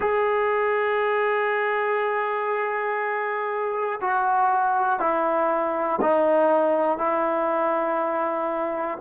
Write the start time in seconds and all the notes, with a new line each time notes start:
0.00 G#4
4.00 F#4
4.99 E4
6.00 D#4
6.98 E4